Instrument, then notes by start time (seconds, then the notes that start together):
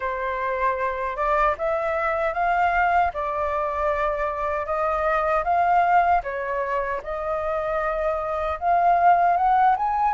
flute
0.00 C5
1.16 D5
1.58 E5
2.33 F5
3.13 D5
4.65 D#5
5.44 F5
6.23 C#5
7.03 D#5
8.59 F5
9.36 F#5
9.77 G#5